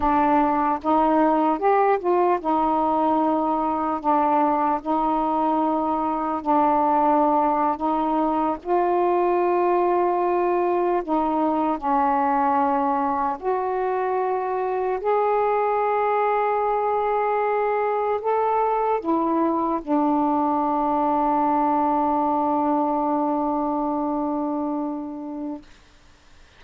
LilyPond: \new Staff \with { instrumentName = "saxophone" } { \time 4/4 \tempo 4 = 75 d'4 dis'4 g'8 f'8 dis'4~ | dis'4 d'4 dis'2 | d'4.~ d'16 dis'4 f'4~ f'16~ | f'4.~ f'16 dis'4 cis'4~ cis'16~ |
cis'8. fis'2 gis'4~ gis'16~ | gis'2~ gis'8. a'4 e'16~ | e'8. d'2.~ d'16~ | d'1 | }